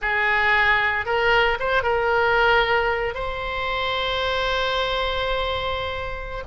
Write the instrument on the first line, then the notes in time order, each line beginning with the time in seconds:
oboe
0.01 G#4
1.05 A#4
1.59 C5
1.83 A#4
3.14 C5